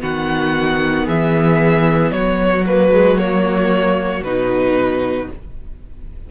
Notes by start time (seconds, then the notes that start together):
0.00 D#3 B3 F#4 F#5
1.06 E3 G#4 E5
2.12 F#3 F#4 C#5
2.67 A#3 B4
2.92 G#3
3.18 A#3 C#5
4.23 B2 D#4 B4